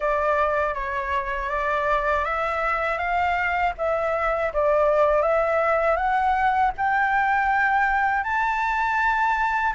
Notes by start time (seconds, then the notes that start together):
0.00 D5
0.74 C#5
1.49 D5
2.24 E5
2.98 F5
3.77 E5
4.53 D5
5.21 E5
5.96 F#5
6.77 G5
8.23 A5